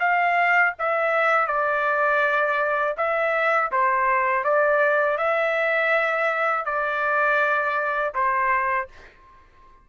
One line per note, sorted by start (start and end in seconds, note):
0.00 0.74 F5
0.79 1.47 E5
1.47 2.96 D5
2.98 3.72 E5
3.72 4.45 C5
4.45 5.18 D5
5.18 6.66 E5
6.66 8.14 D5
8.15 8.89 C5